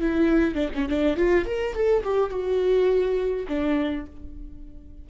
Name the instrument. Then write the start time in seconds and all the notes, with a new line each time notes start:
viola
0.00 E4
0.54 D4
0.74 C#4
0.88 D4
1.16 F4
1.45 A#4
1.73 A4
2.04 G4
2.30 F#4
3.48 D4